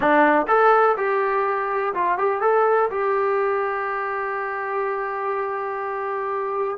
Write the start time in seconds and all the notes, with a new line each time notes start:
0.00 D4
0.47 A4
0.97 G4
1.94 F4
2.18 G4
2.41 A4
2.90 G4